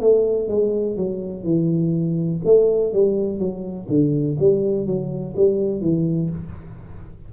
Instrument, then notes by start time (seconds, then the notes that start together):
tuba
0.00 A3
0.48 G#3
0.96 F#3
1.43 E3
2.44 A3
2.93 G3
3.38 F#3
3.88 D3
4.39 G3
4.86 F#3
5.36 G3
5.81 E3